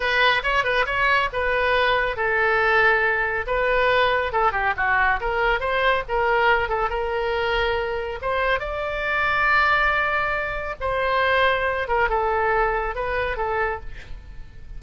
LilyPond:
\new Staff \with { instrumentName = "oboe" } { \time 4/4 \tempo 4 = 139 b'4 cis''8 b'8 cis''4 b'4~ | b'4 a'2. | b'2 a'8 g'8 fis'4 | ais'4 c''4 ais'4. a'8 |
ais'2. c''4 | d''1~ | d''4 c''2~ c''8 ais'8 | a'2 b'4 a'4 | }